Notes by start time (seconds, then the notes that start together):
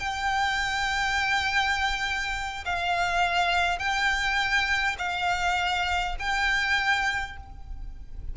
0.00 G5
2.66 F5
3.79 G5
4.99 F5
6.20 G5